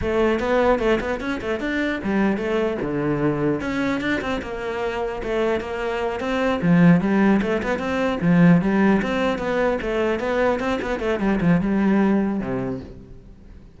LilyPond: \new Staff \with { instrumentName = "cello" } { \time 4/4 \tempo 4 = 150 a4 b4 a8 b8 cis'8 a8 | d'4 g4 a4 d4~ | d4 cis'4 d'8 c'8 ais4~ | ais4 a4 ais4. c'8~ |
c'8 f4 g4 a8 b8 c'8~ | c'8 f4 g4 c'4 b8~ | b8 a4 b4 c'8 b8 a8 | g8 f8 g2 c4 | }